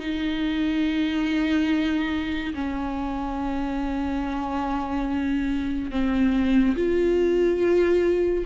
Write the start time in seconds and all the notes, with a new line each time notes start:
0.00 D#4
2.54 C#4
5.91 C4
6.76 F4